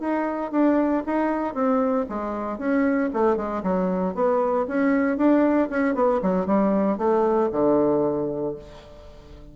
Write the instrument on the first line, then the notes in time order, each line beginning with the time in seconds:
bassoon
0.00 D#4
0.52 D4
1.07 D#4
1.54 C4
2.09 G#3
2.58 C#4
3.14 A3
3.37 G#3
3.63 F#3
4.15 B3
4.68 C#4
5.17 D4
5.70 C#4
5.95 B3
6.23 F#3
6.47 G3
6.98 A3
7.52 D3